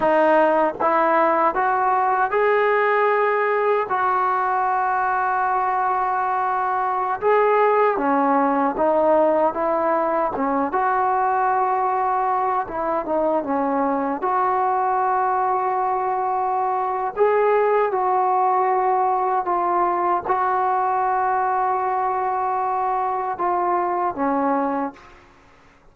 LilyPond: \new Staff \with { instrumentName = "trombone" } { \time 4/4 \tempo 4 = 77 dis'4 e'4 fis'4 gis'4~ | gis'4 fis'2.~ | fis'4~ fis'16 gis'4 cis'4 dis'8.~ | dis'16 e'4 cis'8 fis'2~ fis'16~ |
fis'16 e'8 dis'8 cis'4 fis'4.~ fis'16~ | fis'2 gis'4 fis'4~ | fis'4 f'4 fis'2~ | fis'2 f'4 cis'4 | }